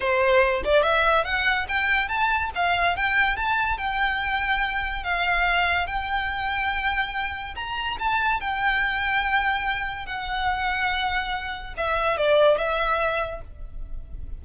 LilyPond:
\new Staff \with { instrumentName = "violin" } { \time 4/4 \tempo 4 = 143 c''4. d''8 e''4 fis''4 | g''4 a''4 f''4 g''4 | a''4 g''2. | f''2 g''2~ |
g''2 ais''4 a''4 | g''1 | fis''1 | e''4 d''4 e''2 | }